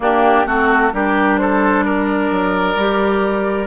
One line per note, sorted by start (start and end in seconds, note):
0.00 0.45 A#3
0.00 0.46 D4
0.00 0.47 G4
0.45 0.92 A3
0.45 0.92 C4
0.45 0.92 F#4
0.45 0.93 A4
0.92 2.31 G3
0.92 2.77 D4
0.92 1.40 G4
0.92 1.37 A#4
1.37 1.85 A4
1.37 1.82 C5
1.82 3.66 A#4
1.82 3.66 D5
2.31 2.75 F#3
2.75 3.66 G3
2.75 3.66 G4